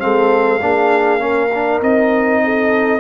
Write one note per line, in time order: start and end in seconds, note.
0.00 0.62 G#3
0.00 0.60 C4
0.00 0.63 A4
0.00 1.80 F5
0.62 1.82 A#3
0.62 1.19 D4
0.62 1.23 G#4
1.19 1.49 C#4
1.19 2.43 A#4
1.54 1.83 D4
1.82 3.00 C4
1.82 3.00 D#4
1.82 3.00 D#5
2.44 3.00 A4